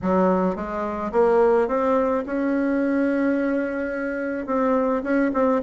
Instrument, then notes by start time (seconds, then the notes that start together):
bassoon
0.02 F#3
0.55 G#3
1.12 A#3
1.68 C4
2.26 C#4
4.46 C4
5.03 C#4
5.33 C4